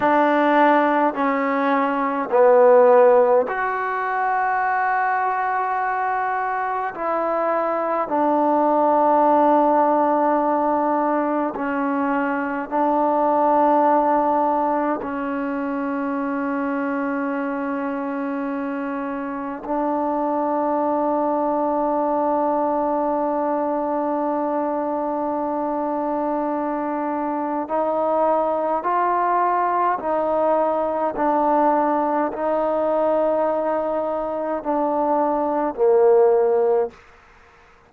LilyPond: \new Staff \with { instrumentName = "trombone" } { \time 4/4 \tempo 4 = 52 d'4 cis'4 b4 fis'4~ | fis'2 e'4 d'4~ | d'2 cis'4 d'4~ | d'4 cis'2.~ |
cis'4 d'2.~ | d'1 | dis'4 f'4 dis'4 d'4 | dis'2 d'4 ais4 | }